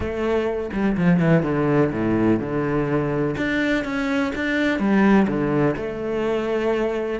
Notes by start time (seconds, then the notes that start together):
0.00 A3
0.72 G3
0.97 F3
1.20 E3
1.42 D3
1.91 A2
2.39 D3
3.37 D4
3.84 C#4
4.35 D4
4.79 G3
5.27 D3
5.76 A3